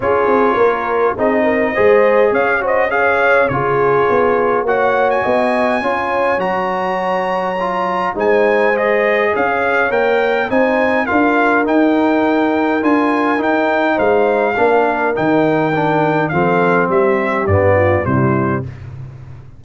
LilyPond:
<<
  \new Staff \with { instrumentName = "trumpet" } { \time 4/4 \tempo 4 = 103 cis''2 dis''2 | f''8 dis''8 f''4 cis''2 | fis''8. gis''2~ gis''16 ais''4~ | ais''2 gis''4 dis''4 |
f''4 g''4 gis''4 f''4 | g''2 gis''4 g''4 | f''2 g''2 | f''4 e''4 d''4 c''4 | }
  \new Staff \with { instrumentName = "horn" } { \time 4/4 gis'4 ais'4 gis'8 ais'8 c''4 | cis''8 c''8 cis''4 gis'2 | cis''4 dis''4 cis''2~ | cis''2 c''2 |
cis''2 c''4 ais'4~ | ais'1 | c''4 ais'2. | a'4 g'4. f'8 e'4 | }
  \new Staff \with { instrumentName = "trombone" } { \time 4/4 f'2 dis'4 gis'4~ | gis'8 fis'8 gis'4 f'2 | fis'2 f'4 fis'4~ | fis'4 f'4 dis'4 gis'4~ |
gis'4 ais'4 dis'4 f'4 | dis'2 f'4 dis'4~ | dis'4 d'4 dis'4 d'4 | c'2 b4 g4 | }
  \new Staff \with { instrumentName = "tuba" } { \time 4/4 cis'8 c'8 ais4 c'4 gis4 | cis'2 cis4 b4 | ais4 b4 cis'4 fis4~ | fis2 gis2 |
cis'4 ais4 c'4 d'4 | dis'2 d'4 dis'4 | gis4 ais4 dis2 | f4 g4 g,4 c4 | }
>>